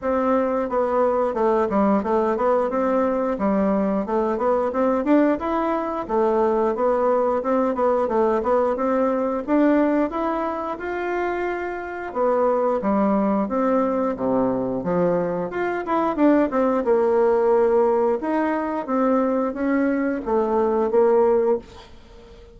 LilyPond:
\new Staff \with { instrumentName = "bassoon" } { \time 4/4 \tempo 4 = 89 c'4 b4 a8 g8 a8 b8 | c'4 g4 a8 b8 c'8 d'8 | e'4 a4 b4 c'8 b8 | a8 b8 c'4 d'4 e'4 |
f'2 b4 g4 | c'4 c4 f4 f'8 e'8 | d'8 c'8 ais2 dis'4 | c'4 cis'4 a4 ais4 | }